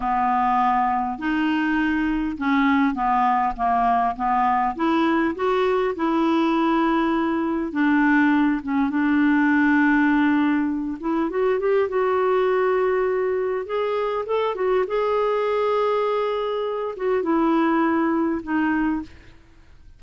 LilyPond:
\new Staff \with { instrumentName = "clarinet" } { \time 4/4 \tempo 4 = 101 b2 dis'2 | cis'4 b4 ais4 b4 | e'4 fis'4 e'2~ | e'4 d'4. cis'8 d'4~ |
d'2~ d'8 e'8 fis'8 g'8 | fis'2. gis'4 | a'8 fis'8 gis'2.~ | gis'8 fis'8 e'2 dis'4 | }